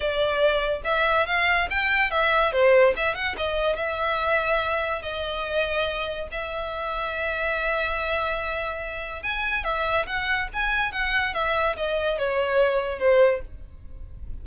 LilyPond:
\new Staff \with { instrumentName = "violin" } { \time 4/4 \tempo 4 = 143 d''2 e''4 f''4 | g''4 e''4 c''4 e''8 fis''8 | dis''4 e''2. | dis''2. e''4~ |
e''1~ | e''2 gis''4 e''4 | fis''4 gis''4 fis''4 e''4 | dis''4 cis''2 c''4 | }